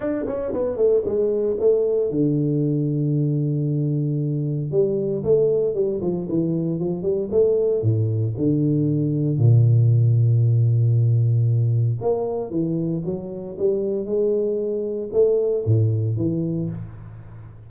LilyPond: \new Staff \with { instrumentName = "tuba" } { \time 4/4 \tempo 4 = 115 d'8 cis'8 b8 a8 gis4 a4 | d1~ | d4 g4 a4 g8 f8 | e4 f8 g8 a4 a,4 |
d2 ais,2~ | ais,2. ais4 | e4 fis4 g4 gis4~ | gis4 a4 a,4 e4 | }